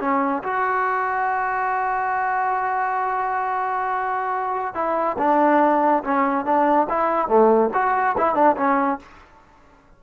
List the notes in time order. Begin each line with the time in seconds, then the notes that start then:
0.00 C#4
0.43 F#4
4.74 E4
5.18 D4
6.03 C#4
6.45 D4
6.89 E4
7.28 A3
7.73 F#4
8.17 E4
8.35 D4
8.57 C#4